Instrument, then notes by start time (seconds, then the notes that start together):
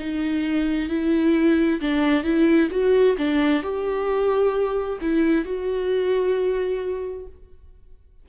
viola
0.00 D#4
0.90 E4
1.81 D4
2.24 E4
2.71 F#4
3.18 D4
3.63 G4
5.02 E4
5.45 F#4